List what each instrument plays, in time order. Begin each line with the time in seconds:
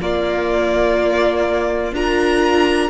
0.00 viola A#3, cello A#3, violin F4 D5
1.92 cello D4, viola F4, violin A#4 A#5